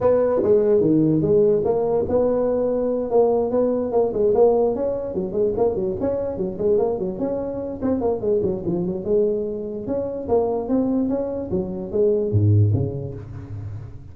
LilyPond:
\new Staff \with { instrumentName = "tuba" } { \time 4/4 \tempo 4 = 146 b4 gis4 dis4 gis4 | ais4 b2~ b8 ais8~ | ais8 b4 ais8 gis8 ais4 cis'8~ | cis'8 fis8 gis8 ais8 fis8 cis'4 fis8 |
gis8 ais8 fis8 cis'4. c'8 ais8 | gis8 fis8 f8 fis8 gis2 | cis'4 ais4 c'4 cis'4 | fis4 gis4 gis,4 cis4 | }